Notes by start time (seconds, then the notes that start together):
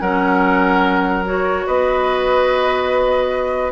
0.00 F#3 C#4 A#4 F#5
1.25 F#4 C#5
1.66 B3 B4 D#5